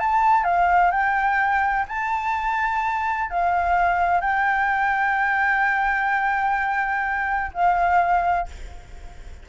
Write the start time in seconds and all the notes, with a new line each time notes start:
0.00 A5
0.44 F5
0.91 G5
1.88 A5
3.30 F5
4.21 G5
7.54 F5